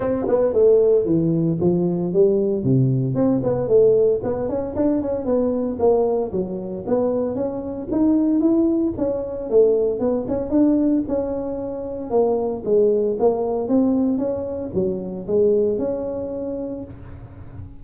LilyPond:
\new Staff \with { instrumentName = "tuba" } { \time 4/4 \tempo 4 = 114 c'8 b8 a4 e4 f4 | g4 c4 c'8 b8 a4 | b8 cis'8 d'8 cis'8 b4 ais4 | fis4 b4 cis'4 dis'4 |
e'4 cis'4 a4 b8 cis'8 | d'4 cis'2 ais4 | gis4 ais4 c'4 cis'4 | fis4 gis4 cis'2 | }